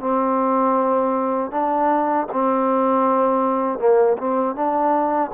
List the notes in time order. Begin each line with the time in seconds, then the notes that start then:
0.00 C4
1.51 D4
2.33 C4
3.79 A#3
4.18 C4
4.55 D4